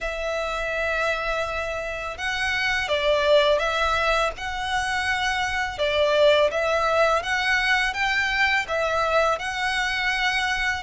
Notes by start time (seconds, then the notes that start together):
0.00 E5
2.17 F#5
2.88 D5
3.58 E5
4.37 F#5
5.78 D5
6.51 E5
7.23 F#5
7.93 G5
8.67 E5
9.38 F#5